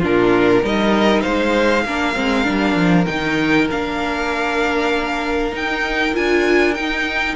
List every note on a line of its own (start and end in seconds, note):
0.00 0.63 A#2
0.00 0.64 D4
0.00 0.61 F4
0.00 0.66 A#4
0.62 1.24 G3
0.62 1.86 D#4
0.62 1.23 A#4
0.62 1.21 D#5
1.21 1.86 G#3
1.21 1.84 C5
1.21 3.05 F5
1.86 2.16 A#3
1.86 2.15 D4
1.86 7.36 A#4
2.15 2.48 G#3
2.15 2.44 C4
2.44 2.76 G3
2.44 3.05 D4
2.76 3.06 F3
3.07 3.70 D#3
3.07 3.69 D#4
3.07 3.68 G5
3.71 5.53 A#3
3.71 5.52 D4
3.71 5.55 F5
5.52 6.13 D#4
5.52 6.14 D#4
5.52 6.16 G5
6.14 6.79 D4
6.14 6.75 F4
6.14 6.75 G#5
6.75 7.36 D#4
6.75 7.36 G5